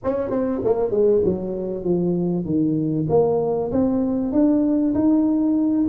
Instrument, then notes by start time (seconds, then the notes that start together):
tuba
0.04 C#4
0.30 C4
0.64 A#3
0.91 G#3
1.24 F#3
1.84 F3
2.45 D#3
3.09 A#3
3.71 C4
4.32 D4
4.94 D#4